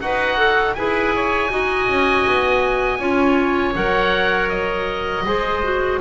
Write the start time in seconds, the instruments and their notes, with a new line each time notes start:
0.00 double bass D#4, oboe F#4 F#5, clarinet B4
0.37 clarinet A4
0.74 double bass E4, clarinet G#4, oboe B4 G#5
1.15 oboe C#5
1.50 double bass D#4, clarinet F#4, oboe D#5
1.88 double bass C#4
2.26 double bass B3
2.99 double bass C#4, clarinet F4, oboe C#5
3.74 double bass F#3, clarinet A#4, oboe F#5
4.49 oboe D#5
5.25 double bass G#3, clarinet G#4, oboe C5
5.63 clarinet F#4